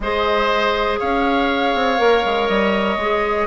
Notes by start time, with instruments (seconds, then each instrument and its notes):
0.00 bassoon G#3, clarinet G#4, oboe C5, flute D#5
0.99 bassoon C#4, oboe C#5, flute F5
1.74 bassoon C4
1.97 bassoon A#3, clarinet A#4
2.25 bassoon G#3
2.48 bassoon G3, flute D#5
2.96 bassoon G#3, clarinet G#4